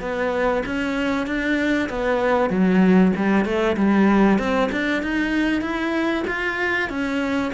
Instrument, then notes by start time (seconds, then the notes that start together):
cello
0.00 B3
0.66 C#4
1.26 D4
1.89 B3
2.50 F#3
3.16 G3
3.45 A3
3.76 G3
4.38 C4
4.72 D4
5.02 D#4
5.61 E4
6.27 F4
6.89 C#4